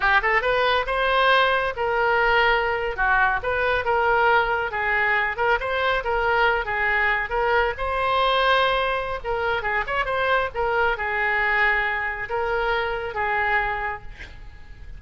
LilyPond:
\new Staff \with { instrumentName = "oboe" } { \time 4/4 \tempo 4 = 137 g'8 a'8 b'4 c''2 | ais'2~ ais'8. fis'4 b'16~ | b'8. ais'2 gis'4~ gis'16~ | gis'16 ais'8 c''4 ais'4. gis'8.~ |
gis'8. ais'4 c''2~ c''16~ | c''4 ais'4 gis'8 cis''8 c''4 | ais'4 gis'2. | ais'2 gis'2 | }